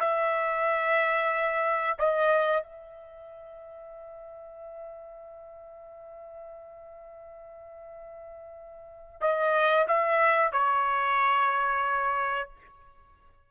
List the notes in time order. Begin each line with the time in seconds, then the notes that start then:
0.00 E5
1.99 D#5
2.63 E5
9.21 D#5
9.88 E5
10.53 C#5